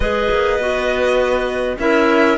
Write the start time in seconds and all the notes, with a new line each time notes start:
0.00 G#3 G#4 B4 D#5
0.30 A#3
0.58 B3 F#4
1.78 C#4 E4 A#4 E5